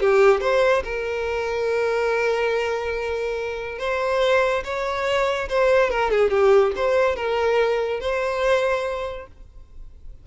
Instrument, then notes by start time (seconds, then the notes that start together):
violin
0.00 G4
0.41 C5
0.84 A#4
3.79 C5
4.64 C#5
5.49 C5
5.90 A#4
6.11 G#4
6.30 G4
6.76 C5
7.16 A#4
8.00 C5